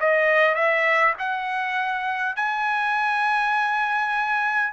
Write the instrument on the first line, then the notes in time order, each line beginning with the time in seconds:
trumpet
0.00 D#5
0.55 E5
1.19 F#5
2.36 G#5